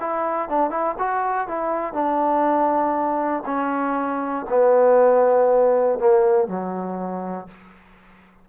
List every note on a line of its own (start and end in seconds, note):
0.00 0.49 E4
0.49 0.70 D4
0.70 0.95 E4
0.98 1.47 F#4
1.47 1.93 E4
1.93 3.43 D4
3.45 4.45 C#4
4.49 5.99 B3
5.99 6.47 A#3
6.47 7.47 F#3